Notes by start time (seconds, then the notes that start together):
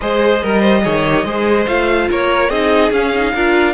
0.00 G#3 G#4 C5 D#5
0.42 G3 A#4
0.60 C5
0.81 D#3 G#4 C#5
1.06 G4
1.24 G#3 G#4 C5
1.67 A3 F4 F5
2.10 A#3 A#4 C#5
2.49 C4 D#4 G#4 D#5
2.91 C#4 F5
3.15 D#4
3.34 D4 F4 A#4